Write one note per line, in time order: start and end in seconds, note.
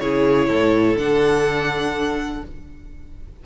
0.00 0.50 C#3
0.00 0.99 E4
0.00 0.49 G#4
0.00 0.98 C#5
0.49 0.96 A2
0.49 2.44 A4
0.96 2.42 D3
0.96 2.46 D4
0.96 2.45 F#5